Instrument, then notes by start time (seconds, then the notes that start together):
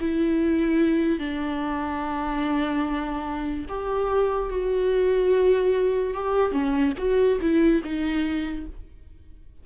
viola
0.00 E4
1.19 D4
3.68 G4
4.49 F#4
6.13 G4
6.52 C#4
6.97 F#4
7.41 E4
7.83 D#4